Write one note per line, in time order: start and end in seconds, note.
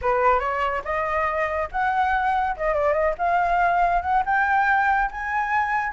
0.01 0.39 B4
0.39 0.82 C#5
0.84 1.69 D#5
1.71 2.56 F#5
2.56 2.74 D#5
2.74 2.93 D5
2.93 3.14 D#5
3.18 4.01 F5
4.01 4.23 F#5
4.25 5.10 G5
5.11 5.92 G#5